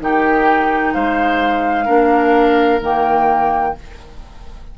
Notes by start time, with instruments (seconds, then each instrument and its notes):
0.00 bassoon D#3, clarinet D#4, oboe G4, flute G5
0.93 bassoon G#3, oboe C5, flute F5
1.85 bassoon A#3, clarinet D4, oboe A#4
2.81 bassoon D#3, clarinet A#3, flute G5